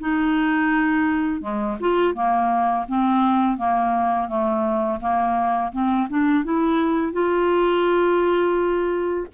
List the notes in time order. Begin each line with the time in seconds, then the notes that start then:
0.00 D#4
1.42 G#3
1.81 F4
2.15 A#3
2.88 C4
3.57 A#3
4.28 A3
5.00 A#3
5.72 C4
6.09 D4
6.44 E4
7.13 F4